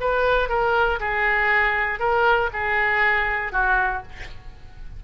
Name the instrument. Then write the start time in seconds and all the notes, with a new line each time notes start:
oboe
0.00 B4
0.49 A#4
1.00 G#4
2.00 A#4
2.53 G#4
3.52 F#4